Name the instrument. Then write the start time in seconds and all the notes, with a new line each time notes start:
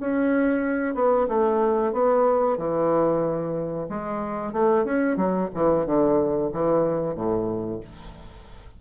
bassoon
0.00 C#4
0.95 B3
1.29 A3
1.93 B3
2.58 E3
3.90 G#3
4.53 A3
4.85 C#4
5.17 F#3
5.55 E3
5.86 D3
6.53 E3
7.16 A2